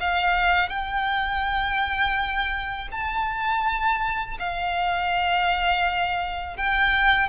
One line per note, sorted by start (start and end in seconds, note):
0.00 0.69 F5
0.69 2.89 G5
2.91 4.38 A5
4.39 6.57 F5
6.57 7.29 G5